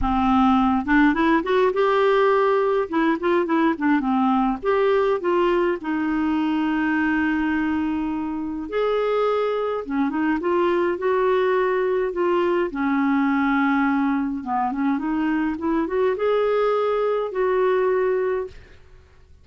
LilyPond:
\new Staff \with { instrumentName = "clarinet" } { \time 4/4 \tempo 4 = 104 c'4. d'8 e'8 fis'8 g'4~ | g'4 e'8 f'8 e'8 d'8 c'4 | g'4 f'4 dis'2~ | dis'2. gis'4~ |
gis'4 cis'8 dis'8 f'4 fis'4~ | fis'4 f'4 cis'2~ | cis'4 b8 cis'8 dis'4 e'8 fis'8 | gis'2 fis'2 | }